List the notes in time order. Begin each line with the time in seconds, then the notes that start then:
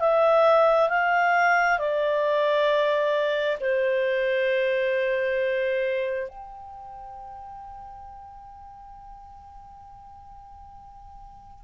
0.00 E5
0.90 F5
1.79 D5
3.61 C5
6.29 G5